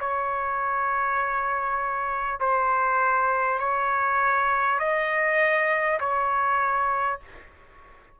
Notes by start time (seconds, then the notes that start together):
0.00 C#5
2.40 C5
3.59 C#5
4.79 D#5
6.00 C#5